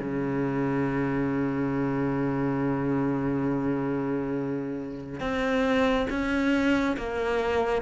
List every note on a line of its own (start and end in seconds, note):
0.00 5.21 C#3
5.21 6.08 C4
6.10 6.97 C#4
6.98 7.82 A#3